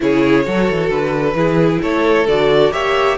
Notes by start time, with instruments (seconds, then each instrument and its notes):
0.00 cello C#3, viola E4, violin G#4 C#5
0.44 cello F#3, viola F#4, violin A4
0.69 cello E3
0.90 cello D3, violin B4
1.33 cello E3, viola E4, violin G#4
1.81 cello A3, violin A4 C#5
2.26 cello D3, viola F#4, violin D5
2.72 cello A#3, viola G4, violin C#5 E5